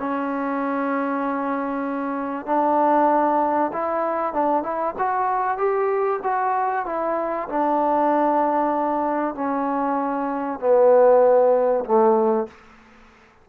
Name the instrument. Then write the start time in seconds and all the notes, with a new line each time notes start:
trombone
0.00 C#4
2.47 D4
3.73 E4
4.34 D4
4.63 E4
4.99 F#4
5.58 G4
6.24 F#4
6.86 E4
7.49 D4
9.35 C#4
10.60 B3
11.85 A3